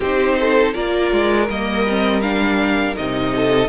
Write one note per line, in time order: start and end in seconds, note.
0.00 0.74 C4
0.00 0.73 D#4
0.00 0.36 G4
0.00 0.73 C5
0.40 0.73 A4
0.73 1.12 A#3
0.73 1.47 F4
0.73 3.33 A#4
0.73 1.47 D5
1.12 1.48 G#3
1.48 2.96 G3
1.48 1.87 A#3
1.48 2.21 D#5
1.88 2.22 C4
2.21 2.95 D4
2.21 2.95 F5
2.95 3.68 C3
2.95 3.68 D#4
2.95 3.68 D#5
3.35 3.68 A4